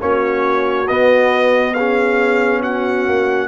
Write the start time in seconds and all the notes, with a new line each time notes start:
0.00 A#3 C#4 F#4 C#5
0.88 B3 D#5
1.74 C#4 G#4 F5
2.62 F#4 F#5
3.08 A#3